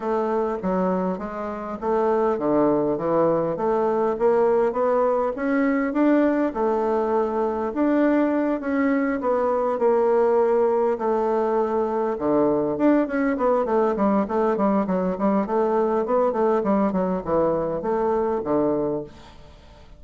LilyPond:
\new Staff \with { instrumentName = "bassoon" } { \time 4/4 \tempo 4 = 101 a4 fis4 gis4 a4 | d4 e4 a4 ais4 | b4 cis'4 d'4 a4~ | a4 d'4. cis'4 b8~ |
b8 ais2 a4.~ | a8 d4 d'8 cis'8 b8 a8 g8 | a8 g8 fis8 g8 a4 b8 a8 | g8 fis8 e4 a4 d4 | }